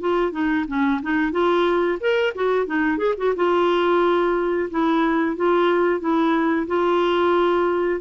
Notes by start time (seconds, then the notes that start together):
0.00 F4
0.32 D#4
0.68 C#4
1.02 D#4
1.32 F4
2.00 A#4
2.35 F#4
2.66 D#4
2.98 G#4
3.17 F#4
3.36 F4
4.70 E4
5.36 F4
6.00 E4
6.67 F4